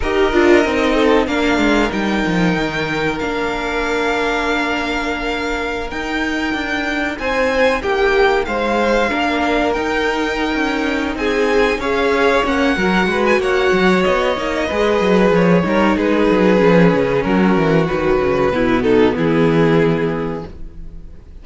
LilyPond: <<
  \new Staff \with { instrumentName = "violin" } { \time 4/4 \tempo 4 = 94 dis''2 f''4 g''4~ | g''4 f''2.~ | f''4~ f''16 g''2 gis''8.~ | gis''16 g''4 f''2 g''8.~ |
g''4. gis''4 f''4 fis''8~ | fis''8. gis''16 fis''4 dis''2 | cis''4 b'2 ais'4 | b'4. a'8 gis'2 | }
  \new Staff \with { instrumentName = "violin" } { \time 4/4 ais'4. a'8 ais'2~ | ais'1~ | ais'2.~ ais'16 c''8.~ | c''16 g'4 c''4 ais'4.~ ais'16~ |
ais'4. gis'4 cis''4. | ais'8 b'8 cis''2 b'4~ | b'8 ais'8 gis'2 fis'4~ | fis'4 e'8 dis'8 e'2 | }
  \new Staff \with { instrumentName = "viola" } { \time 4/4 g'8 f'8 dis'4 d'4 dis'4~ | dis'4 d'2.~ | d'4~ d'16 dis'2~ dis'8.~ | dis'2~ dis'16 d'4 dis'8.~ |
dis'2~ dis'8 gis'4 cis'8 | fis'2~ fis'8 dis'8 gis'4~ | gis'8 dis'4. cis'2 | fis4 b2. | }
  \new Staff \with { instrumentName = "cello" } { \time 4/4 dis'8 d'8 c'4 ais8 gis8 g8 f8 | dis4 ais2.~ | ais4~ ais16 dis'4 d'4 c'8.~ | c'16 ais4 gis4 ais4 dis'8.~ |
dis'8 cis'4 c'4 cis'4 ais8 | fis8 gis8 ais8 fis8 b8 ais8 gis8 fis8 | f8 g8 gis8 fis8 f8 cis8 fis8 e8 | dis8 cis8 b,4 e2 | }
>>